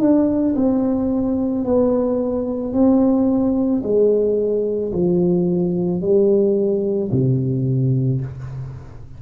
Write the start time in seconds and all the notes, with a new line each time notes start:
0.00 D4
0.56 C4
1.65 B3
2.73 C4
3.83 G#3
4.93 F3
6.01 G3
7.12 C3